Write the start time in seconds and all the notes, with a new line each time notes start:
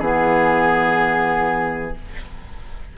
0.00 E3 B3 G#4